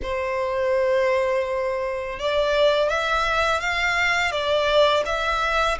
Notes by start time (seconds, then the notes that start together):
0.02 C5
2.19 D5
2.89 E5
3.60 F5
4.31 D5
5.05 E5